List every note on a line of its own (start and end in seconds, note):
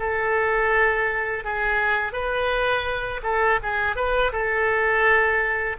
0.00 1.45 A4
1.45 2.13 G#4
2.13 3.21 B4
3.24 3.60 A4
3.63 3.96 G#4
3.96 4.32 B4
4.32 5.77 A4